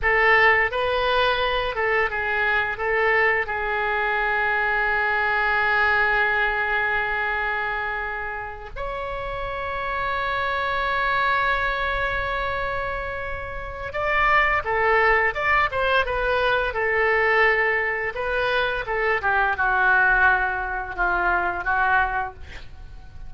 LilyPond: \new Staff \with { instrumentName = "oboe" } { \time 4/4 \tempo 4 = 86 a'4 b'4. a'8 gis'4 | a'4 gis'2.~ | gis'1~ | gis'8 cis''2.~ cis''8~ |
cis''1 | d''4 a'4 d''8 c''8 b'4 | a'2 b'4 a'8 g'8 | fis'2 f'4 fis'4 | }